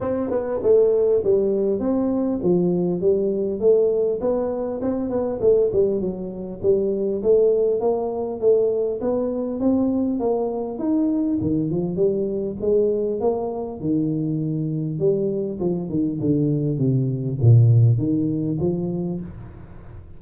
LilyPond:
\new Staff \with { instrumentName = "tuba" } { \time 4/4 \tempo 4 = 100 c'8 b8 a4 g4 c'4 | f4 g4 a4 b4 | c'8 b8 a8 g8 fis4 g4 | a4 ais4 a4 b4 |
c'4 ais4 dis'4 dis8 f8 | g4 gis4 ais4 dis4~ | dis4 g4 f8 dis8 d4 | c4 ais,4 dis4 f4 | }